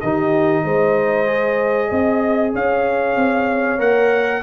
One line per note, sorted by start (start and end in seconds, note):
0.00 0.64 D#3
0.00 1.26 D#4
0.00 0.63 G4
0.00 2.53 D#5
0.63 1.90 G#3
0.63 1.88 C5
1.26 3.78 G#4
1.88 2.54 C4
1.88 2.51 D#5
2.52 3.16 C#4
2.52 4.42 C#5
2.52 3.80 F5
3.16 3.78 C4
3.78 4.42 A#3
3.78 4.41 A#4
3.78 4.42 F#5